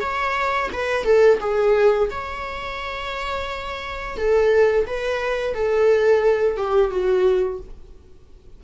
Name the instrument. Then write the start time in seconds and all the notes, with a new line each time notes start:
viola
0.00 C#5
0.72 B4
1.04 A4
1.39 G#4
2.10 C#5
4.17 A4
4.86 B4
5.54 A4
6.56 G4
6.90 F#4